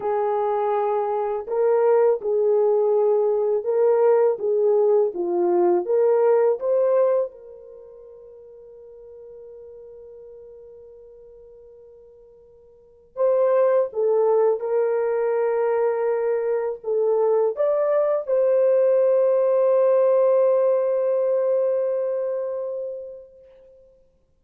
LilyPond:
\new Staff \with { instrumentName = "horn" } { \time 4/4 \tempo 4 = 82 gis'2 ais'4 gis'4~ | gis'4 ais'4 gis'4 f'4 | ais'4 c''4 ais'2~ | ais'1~ |
ais'2 c''4 a'4 | ais'2. a'4 | d''4 c''2.~ | c''1 | }